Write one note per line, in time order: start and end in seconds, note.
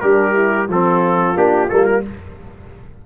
0.00 0.68 G3
0.00 0.33 D4
0.00 0.68 G4
0.00 0.67 A#4
0.33 0.66 E4
0.68 1.35 F3
0.68 1.35 C4
0.68 2.04 F4
0.68 1.37 A4
1.35 1.69 A#3
1.35 1.68 D4
1.35 1.69 G4
1.69 2.05 G3
1.69 2.02 A#3
1.69 1.85 A4
1.85 2.01 A#4